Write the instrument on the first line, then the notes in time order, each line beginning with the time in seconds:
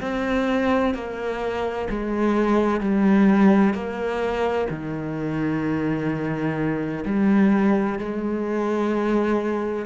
cello
0.00 C4
0.94 A#3
1.89 G#3
2.80 G3
3.73 A#3
4.70 D#3
7.05 G3
7.99 G#3